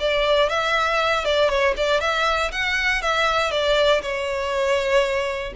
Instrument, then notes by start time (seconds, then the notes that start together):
violin
0.00 D5
0.50 E5
1.25 D5
1.50 C#5
1.77 D5
2.01 E5
2.52 F#5
3.02 E5
3.52 D5
4.02 C#5